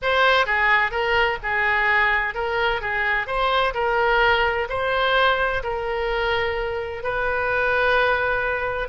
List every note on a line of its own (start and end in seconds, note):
0.02 0.46 C5
0.46 0.91 G#4
0.91 1.38 A#4
1.42 2.34 G#4
2.34 2.81 A#4
2.81 3.26 G#4
3.26 3.73 C5
3.74 4.67 A#4
4.69 5.62 C5
5.63 7.03 A#4
7.03 8.88 B4